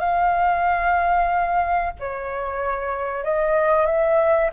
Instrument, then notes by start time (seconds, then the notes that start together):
flute
0.00 F5
2.00 C#5
3.25 D#5
3.87 E5